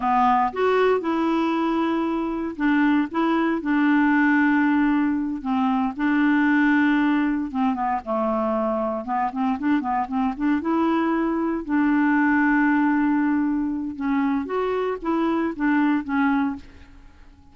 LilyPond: \new Staff \with { instrumentName = "clarinet" } { \time 4/4 \tempo 4 = 116 b4 fis'4 e'2~ | e'4 d'4 e'4 d'4~ | d'2~ d'8 c'4 d'8~ | d'2~ d'8 c'8 b8 a8~ |
a4. b8 c'8 d'8 b8 c'8 | d'8 e'2 d'4.~ | d'2. cis'4 | fis'4 e'4 d'4 cis'4 | }